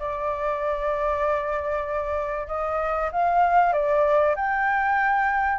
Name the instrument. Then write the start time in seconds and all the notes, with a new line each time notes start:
flute
0.00 D5
2.48 D#5
3.12 F5
3.73 D5
4.36 G5